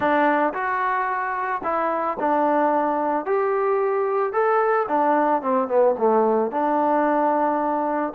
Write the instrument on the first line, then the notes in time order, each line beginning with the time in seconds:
trombone
0.00 D4
0.53 F#4
1.63 E4
2.19 D4
3.25 G4
4.32 A4
4.88 D4
5.42 C4
5.68 B3
5.97 A3
6.51 D4